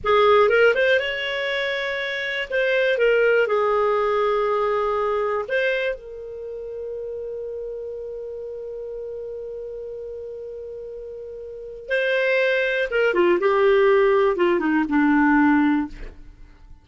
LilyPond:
\new Staff \with { instrumentName = "clarinet" } { \time 4/4 \tempo 4 = 121 gis'4 ais'8 c''8 cis''2~ | cis''4 c''4 ais'4 gis'4~ | gis'2. c''4 | ais'1~ |
ais'1~ | ais'1 | c''2 ais'8 f'8 g'4~ | g'4 f'8 dis'8 d'2 | }